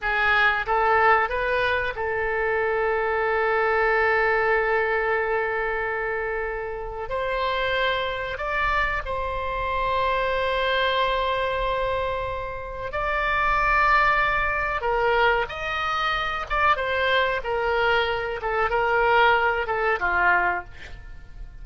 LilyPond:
\new Staff \with { instrumentName = "oboe" } { \time 4/4 \tempo 4 = 93 gis'4 a'4 b'4 a'4~ | a'1~ | a'2. c''4~ | c''4 d''4 c''2~ |
c''1 | d''2. ais'4 | dis''4. d''8 c''4 ais'4~ | ais'8 a'8 ais'4. a'8 f'4 | }